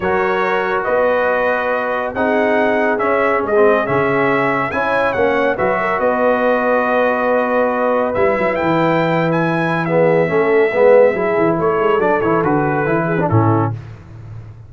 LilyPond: <<
  \new Staff \with { instrumentName = "trumpet" } { \time 4/4 \tempo 4 = 140 cis''2 dis''2~ | dis''4 fis''2 e''4 | dis''4 e''2 gis''4 | fis''4 e''4 dis''2~ |
dis''2. e''4 | g''4.~ g''16 gis''4~ gis''16 e''4~ | e''2. cis''4 | d''8 cis''8 b'2 a'4 | }
  \new Staff \with { instrumentName = "horn" } { \time 4/4 ais'2 b'2~ | b'4 gis'2.~ | gis'2. cis''4~ | cis''4 b'8 ais'8 b'2~ |
b'1~ | b'2. gis'4 | a'4 b'4 gis'4 a'4~ | a'2~ a'8 gis'8 e'4 | }
  \new Staff \with { instrumentName = "trombone" } { \time 4/4 fis'1~ | fis'4 dis'2 cis'4~ | cis'16 c'8. cis'2 e'4 | cis'4 fis'2.~ |
fis'2. e'4~ | e'2. b4 | cis'4 b4 e'2 | d'8 e'8 fis'4 e'8. d'16 cis'4 | }
  \new Staff \with { instrumentName = "tuba" } { \time 4/4 fis2 b2~ | b4 c'2 cis'4 | gis4 cis2 cis'4 | ais4 fis4 b2~ |
b2. g8 fis8 | e1 | a4 gis4 fis8 e8 a8 gis8 | fis8 e8 d4 e4 a,4 | }
>>